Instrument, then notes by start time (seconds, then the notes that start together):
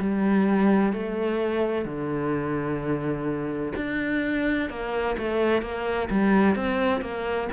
cello
0.00 G3
0.93 A3
1.85 D3
3.76 D4
4.70 A#3
5.18 A3
5.62 A#3
6.11 G3
6.55 C4
7.01 A#3